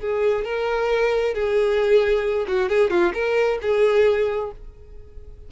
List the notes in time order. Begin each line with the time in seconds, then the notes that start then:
0.00 G#4
0.44 A#4
1.34 G#4
2.47 F#4
2.69 G#4
2.90 F4
3.13 A#4
3.62 G#4